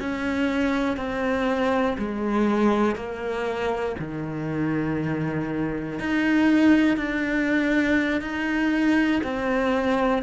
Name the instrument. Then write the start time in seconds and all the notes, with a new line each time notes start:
cello
0.00 C#4
0.97 C4
1.98 G#3
2.96 A#3
4.00 D#3
6.00 D#4
6.97 D4
8.21 D#4
9.24 C4